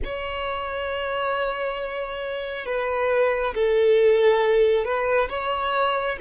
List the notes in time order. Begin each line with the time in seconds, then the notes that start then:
0.04 C#5
2.65 B4
3.54 A4
4.84 B4
5.29 C#5